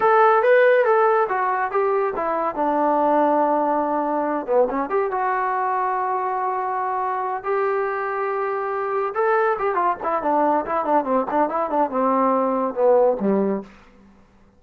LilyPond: \new Staff \with { instrumentName = "trombone" } { \time 4/4 \tempo 4 = 141 a'4 b'4 a'4 fis'4 | g'4 e'4 d'2~ | d'2~ d'8 b8 cis'8 g'8 | fis'1~ |
fis'4. g'2~ g'8~ | g'4. a'4 g'8 f'8 e'8 | d'4 e'8 d'8 c'8 d'8 e'8 d'8 | c'2 b4 g4 | }